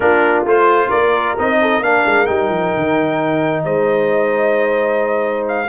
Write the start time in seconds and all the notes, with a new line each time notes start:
0.00 A#3 D4 F4 A#4
0.45 A3 F4 C5
0.88 A#3 A#4 D5
1.37 C4 D#4 D#5
1.61 A4
1.80 A#3 D4 A#4 F5
2.05 G#3
2.26 G3 D#4 G5
2.49 F3
2.76 D#3
3.64 G#3 C5 D#5
5.48 F5